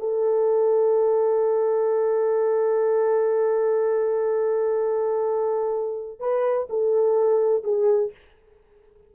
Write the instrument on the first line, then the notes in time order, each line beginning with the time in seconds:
horn
0.00 A4
6.20 B4
6.70 A4
7.64 G#4